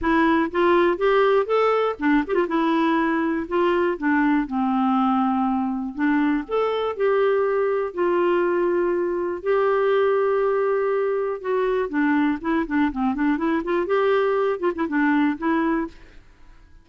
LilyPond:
\new Staff \with { instrumentName = "clarinet" } { \time 4/4 \tempo 4 = 121 e'4 f'4 g'4 a'4 | d'8 g'16 f'16 e'2 f'4 | d'4 c'2. | d'4 a'4 g'2 |
f'2. g'4~ | g'2. fis'4 | d'4 e'8 d'8 c'8 d'8 e'8 f'8 | g'4. f'16 e'16 d'4 e'4 | }